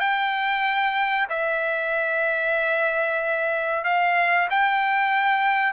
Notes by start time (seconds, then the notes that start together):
0.00 G5
1.30 E5
3.84 F5
4.50 G5